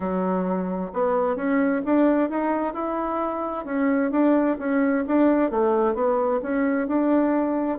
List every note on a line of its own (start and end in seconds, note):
0.00 0.91 F#3
0.93 1.36 B3
1.36 1.81 C#4
1.85 2.29 D4
2.29 2.73 D#4
2.73 3.65 E4
3.65 4.11 C#4
4.11 4.57 D4
4.58 5.04 C#4
5.07 5.50 D4
5.50 5.94 A3
5.94 6.40 B3
6.42 6.87 C#4
6.87 7.78 D4